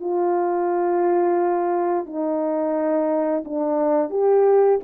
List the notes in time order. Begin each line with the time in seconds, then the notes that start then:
0.00 F4
2.06 D#4
3.45 D4
4.10 G4